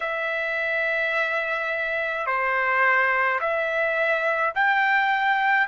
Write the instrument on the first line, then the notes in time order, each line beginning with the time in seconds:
trumpet
0.00 E5
2.26 C5
3.40 E5
4.54 G5